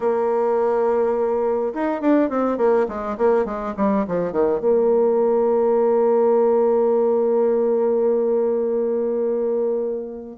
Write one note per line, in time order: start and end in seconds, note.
0.00 1.73 A#3
1.74 2.01 D#4
2.01 2.29 D4
2.29 2.57 C4
2.57 2.86 A#3
2.88 3.17 G#3
3.17 3.45 A#3
3.45 3.74 G#3
3.77 4.05 G3
4.07 4.31 F3
4.31 4.60 D#3
4.60 10.37 A#3